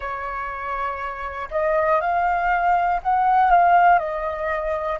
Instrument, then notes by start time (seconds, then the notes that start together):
flute
0.00 C#5
1.50 D#5
2.00 F5
3.02 F#5
3.50 F5
3.99 D#5